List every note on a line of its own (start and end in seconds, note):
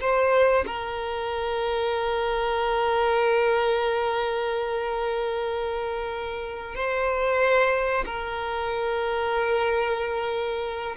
0.00 0.65 C5
0.66 6.75 A#4
6.75 8.04 C5
8.06 10.96 A#4